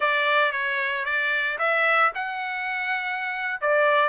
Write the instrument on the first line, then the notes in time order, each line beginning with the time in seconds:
trumpet
0.00 D5
0.52 C#5
1.05 D5
1.58 E5
2.14 F#5
3.61 D5